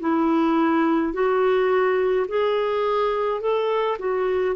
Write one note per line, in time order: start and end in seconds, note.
0.00 1.13 E4
1.14 2.27 F#4
2.28 3.41 G#4
3.41 3.98 A4
3.99 4.56 F#4